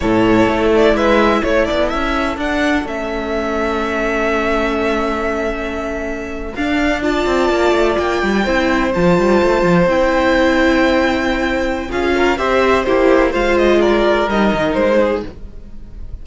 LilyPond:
<<
  \new Staff \with { instrumentName = "violin" } { \time 4/4 \tempo 4 = 126 cis''4. d''8 e''4 cis''8 d''8 | e''4 fis''4 e''2~ | e''1~ | e''4.~ e''16 f''4 a''4~ a''16~ |
a''8. g''2 a''4~ a''16~ | a''8. g''2.~ g''16~ | g''4 f''4 e''4 c''4 | f''8 dis''8 d''4 dis''4 c''4 | }
  \new Staff \with { instrumentName = "violin" } { \time 4/4 a'2 b'4 a'4~ | a'1~ | a'1~ | a'2~ a'8. d''4~ d''16~ |
d''4.~ d''16 c''2~ c''16~ | c''1~ | c''4 gis'8 ais'8 c''4 g'4 | c''4 ais'2~ ais'8 gis'8 | }
  \new Staff \with { instrumentName = "viola" } { \time 4/4 e'1~ | e'4 d'4 cis'2~ | cis'1~ | cis'4.~ cis'16 d'4 f'4~ f'16~ |
f'4.~ f'16 e'4 f'4~ f'16~ | f'8. e'2.~ e'16~ | e'4 f'4 g'4 e'4 | f'2 dis'2 | }
  \new Staff \with { instrumentName = "cello" } { \time 4/4 a,4 a4 gis4 a8 b8 | cis'4 d'4 a2~ | a1~ | a4.~ a16 d'4. c'8 ais16~ |
ais16 a8 ais8 g8 c'4 f8 g8 a16~ | a16 f8 c'2.~ c'16~ | c'4 cis'4 c'4 ais4 | gis2 g8 dis8 gis4 | }
>>